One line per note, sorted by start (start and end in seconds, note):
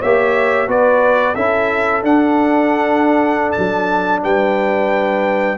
0.00 0.68 A#3
0.00 0.68 G4
0.00 0.67 C#5
0.00 0.70 E5
0.68 1.35 B3
0.68 1.35 F#4
0.68 1.36 B4
0.68 1.35 D5
1.35 2.03 C#4
1.35 2.04 E4
1.35 4.22 A4
1.35 2.03 E5
2.03 3.54 D4
2.03 5.58 D4
2.03 3.52 F#5
3.52 4.19 A5
3.58 4.23 F#3
4.23 5.58 G3
4.23 5.58 B4
4.23 5.58 G5